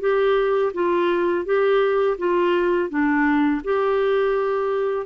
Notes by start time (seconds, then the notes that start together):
0.00 G4
0.74 F4
1.45 G4
2.18 F4
2.89 D4
3.64 G4